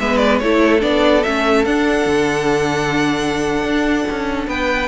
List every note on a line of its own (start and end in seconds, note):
0.00 0.42 G#3
0.00 0.42 B3
0.00 0.43 B4
0.00 0.18 E5
0.18 0.39 D5
0.39 0.83 A3
0.39 0.80 E4
0.39 4.49 A4
0.39 0.81 C#5
0.80 1.25 B3
0.80 1.22 D4
0.80 1.24 D5
1.24 1.66 A3
1.24 1.66 C#4
1.24 1.65 E5
1.65 2.06 D4
1.65 4.88 D4
1.65 4.48 F#5
2.06 3.63 D3
3.63 4.05 D4
4.11 4.48 C#4
4.48 4.88 B3
4.48 4.88 B4
4.48 4.88 G5